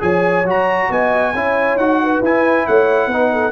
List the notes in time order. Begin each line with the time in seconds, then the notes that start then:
0.00 F3 G#4 C#5 G#5
0.44 F#3 F#4 A#5
0.90 B3 D#5 G#5
1.34 C#4 E4 C#5
1.76 D#4 F#4 F#5
2.03 B4
2.22 E4 G#5
2.67 A3 C#5 F#5
3.07 B3 D#4 B4
3.32 A4